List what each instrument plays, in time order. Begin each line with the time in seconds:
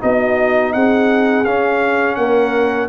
0.00 tuba B3, trombone D#4, horn F#4, trumpet D#5
0.73 tuba C4, horn G#4, trumpet F#5
1.44 tuba C#4, trombone C#4, trumpet F5
2.15 tuba A#3, horn A#4, trumpet F#5